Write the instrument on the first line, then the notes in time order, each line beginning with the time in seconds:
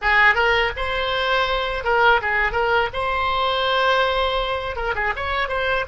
oboe
0.01 G#4
0.35 A#4
0.76 C5
1.84 A#4
2.22 G#4
2.52 A#4
2.93 C5
4.76 A#4
4.95 G#4
5.16 C#5
5.48 C5